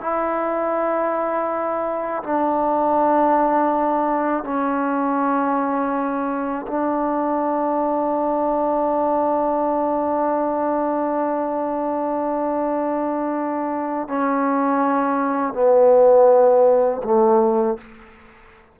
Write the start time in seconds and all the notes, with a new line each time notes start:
0.00 E4
2.23 D4
4.44 C#4
6.67 D4
14.08 C#4
15.53 B3
17.03 A3